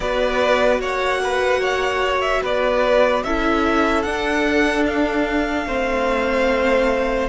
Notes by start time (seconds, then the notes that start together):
0.00 B3 F#4 B4 D5
0.79 A#3 C#5 F#5
1.23 B4
1.60 C#5
2.21 E5
2.41 B3 B4 D5
3.23 C#4 E4 A4 E5
4.02 D4 F#5
4.86 F5
5.66 A3 C4 C5